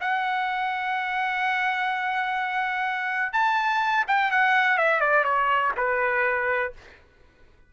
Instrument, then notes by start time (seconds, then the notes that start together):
trumpet
0.00 F#5
3.33 A5
4.07 G5
4.31 F#5
4.77 E5
5.00 D5
5.24 C#5
5.76 B4